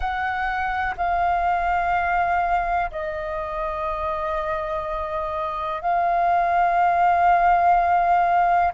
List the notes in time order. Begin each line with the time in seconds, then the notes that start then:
0.00 F#5
0.97 F5
2.91 D#5
5.81 F5